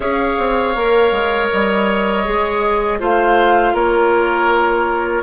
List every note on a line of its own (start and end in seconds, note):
0.00 0.37 C#4
0.00 0.75 G#4
0.00 2.98 C#5
0.00 1.48 F5
0.38 0.75 C4
0.75 1.11 A#3
0.75 2.24 A#4
1.11 1.49 G#3
1.50 2.27 G3
1.50 3.00 D#5
2.24 3.00 G#3
2.24 2.99 G#4
2.99 3.73 A3
2.99 5.23 F4
2.99 3.73 C5
2.99 3.75 F5
3.73 5.23 A#3
3.73 5.23 A#4
3.73 5.23 C#5